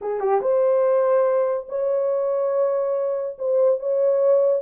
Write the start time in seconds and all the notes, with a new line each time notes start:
0.01 G#4
0.20 G4
0.41 C5
1.68 C#5
3.38 C5
3.79 C#5